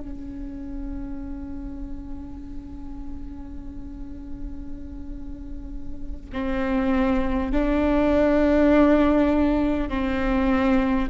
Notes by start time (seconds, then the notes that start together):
0.00 C#4
6.32 C4
7.52 D4
9.89 C4